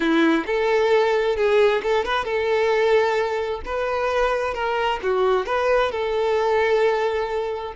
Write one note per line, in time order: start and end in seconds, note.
0.00 0.44 E4
0.46 1.36 A4
1.36 1.81 G#4
1.82 2.05 A4
2.05 2.25 B4
2.25 3.61 A4
3.65 4.54 B4
4.54 4.99 A#4
5.02 5.46 F#4
5.46 5.91 B4
5.91 7.73 A4